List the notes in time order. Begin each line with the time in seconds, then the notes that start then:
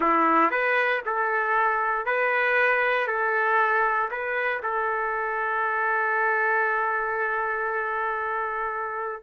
0.00 E4
0.50 B4
1.05 A4
2.05 B4
3.07 A4
4.10 B4
4.62 A4